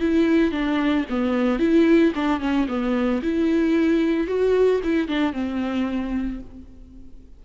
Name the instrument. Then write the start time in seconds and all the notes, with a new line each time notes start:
viola
0.00 E4
0.51 D4
1.10 B3
1.59 E4
2.15 D4
2.40 C#4
2.68 B3
3.22 E4
4.27 F#4
4.84 E4
5.08 D4
5.33 C4